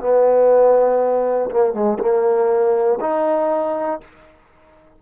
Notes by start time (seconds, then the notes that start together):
0.00 B3
1.51 A#3
1.74 G#3
2.00 A#3
3.01 D#4